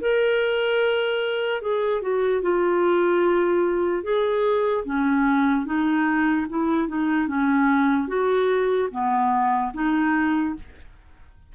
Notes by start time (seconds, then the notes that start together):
0.00 A#4
1.61 G#4
2.01 F#4
2.41 F4
4.03 G#4
4.85 C#4
5.65 D#4
6.49 E4
6.88 D#4
7.27 C#4
8.07 F#4
8.91 B3
9.73 D#4